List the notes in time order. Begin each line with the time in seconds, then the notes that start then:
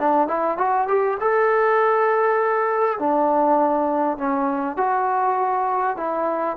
0.00 D4
0.28 E4
0.58 F#4
0.88 G4
1.21 A4
3.00 D4
4.18 C#4
4.77 F#4
5.97 E4